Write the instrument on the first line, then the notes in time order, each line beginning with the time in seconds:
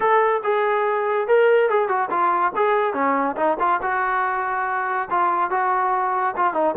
trombone
0.00 A4
0.43 G#4
1.27 A#4
1.69 G#4
1.88 F#4
2.10 F4
2.55 G#4
2.93 C#4
3.36 D#4
3.59 F4
3.82 F#4
5.10 F4
5.50 F#4
6.36 F4
6.53 D#4